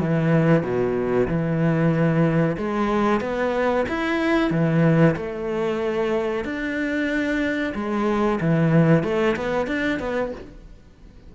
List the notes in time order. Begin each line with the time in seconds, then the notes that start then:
0.00 E3
0.63 B2
1.27 E3
2.57 G#3
3.21 B3
3.89 E4
4.50 E3
5.16 A3
6.44 D4
7.74 G#3
8.40 E3
9.03 A3
9.36 B3
9.67 D4
9.99 B3